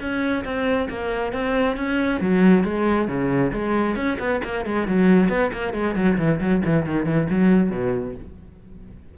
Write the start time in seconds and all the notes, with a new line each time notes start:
0.00 C#4
0.45 C4
0.90 A#3
1.33 C4
1.76 C#4
2.21 F#3
2.64 G#3
3.08 C#3
3.53 G#3
3.96 C#4
4.19 B3
4.44 A#3
4.65 G#3
4.87 F#3
5.29 B3
5.53 A#3
5.73 G#3
5.96 F#3
6.18 E3
6.40 F#3
6.65 E3
6.86 D#3
7.05 E3
7.30 F#3
7.70 B2